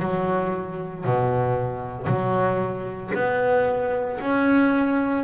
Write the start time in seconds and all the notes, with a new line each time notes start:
0.00 F#3
1.05 B2
2.07 F#3
3.15 B3
4.21 C#4